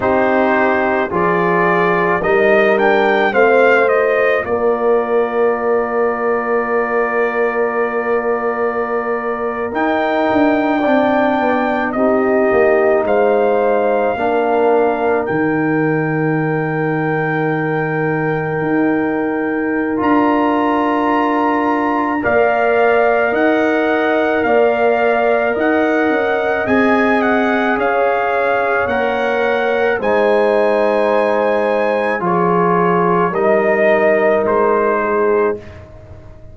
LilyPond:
<<
  \new Staff \with { instrumentName = "trumpet" } { \time 4/4 \tempo 4 = 54 c''4 d''4 dis''8 g''8 f''8 dis''8 | d''1~ | d''8. g''2 dis''4 f''16~ | f''4.~ f''16 g''2~ g''16~ |
g''2 ais''2 | f''4 fis''4 f''4 fis''4 | gis''8 fis''8 f''4 fis''4 gis''4~ | gis''4 cis''4 dis''4 c''4 | }
  \new Staff \with { instrumentName = "horn" } { \time 4/4 g'4 gis'4 ais'4 c''4 | ais'1~ | ais'4.~ ais'16 d''4 g'4 c''16~ | c''8. ais'2.~ ais'16~ |
ais'1 | d''4 dis''4 d''4 dis''4~ | dis''4 cis''2 c''4~ | c''4 gis'4 ais'4. gis'8 | }
  \new Staff \with { instrumentName = "trombone" } { \time 4/4 dis'4 f'4 dis'8 d'8 c'8 f'8~ | f'1~ | f'8. dis'4 d'4 dis'4~ dis'16~ | dis'8. d'4 dis'2~ dis'16~ |
dis'2 f'2 | ais'1 | gis'2 ais'4 dis'4~ | dis'4 f'4 dis'2 | }
  \new Staff \with { instrumentName = "tuba" } { \time 4/4 c'4 f4 g4 a4 | ais1~ | ais8. dis'8 d'8 c'8 b8 c'8 ais8 gis16~ | gis8. ais4 dis2~ dis16~ |
dis8. dis'4~ dis'16 d'2 | ais4 dis'4 ais4 dis'8 cis'8 | c'4 cis'4 ais4 gis4~ | gis4 f4 g4 gis4 | }
>>